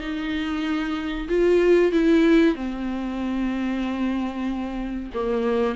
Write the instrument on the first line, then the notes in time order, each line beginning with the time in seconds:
viola
0.00 D#4
1.28 F4
1.92 E4
2.55 C4
5.14 A#3